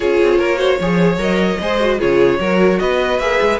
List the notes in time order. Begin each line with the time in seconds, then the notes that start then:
0.00 C#4 F4 G#4 C#5
0.21 C4
0.38 A#3 A#4
0.57 F#4 C5
0.80 F3 G#4 C#5
1.17 F#3 A#4 D#5
1.60 G#3 G#4 C5
1.80 F#4
1.99 C#3 F4 G#4 C#5
2.39 F#3 F#4 A#4
2.79 B3 B4 D#5
3.19 A#3 G#4 E5
3.42 G#3